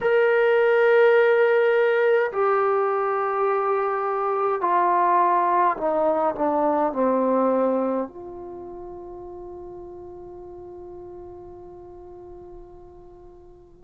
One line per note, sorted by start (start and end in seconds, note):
0.01 2.31 A#4
2.31 4.61 G4
4.61 5.76 F4
5.77 6.35 D#4
6.35 6.92 D4
6.92 8.08 C4
8.08 13.84 F4